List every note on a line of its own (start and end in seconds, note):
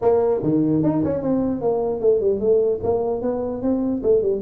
0.01 0.41 A#3
0.42 0.83 D#3
0.83 1.03 D#4
1.03 1.22 C#4
1.22 1.61 C4
1.61 2.00 A#3
2.00 2.20 A3
2.20 2.40 G3
2.40 2.80 A3
2.83 3.21 A#3
3.21 3.61 B3
3.61 4.02 C4
4.02 4.22 A3
4.22 4.42 G3